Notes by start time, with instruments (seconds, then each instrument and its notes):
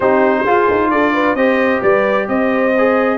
0.00 tuba C4, trombone D#4, horn G4, trumpet C5
0.44 tuba F4, trombone F4, horn G#4
0.70 tuba D#4
0.90 tuba D4, horn A4, trumpet D5
1.13 horn B4
1.34 tuba C4, trombone G4, horn C5, trumpet D#5
1.81 tuba G3, horn B4, trumpet D5
2.27 tuba C4, horn C5, trumpet D#5
2.78 trombone G#4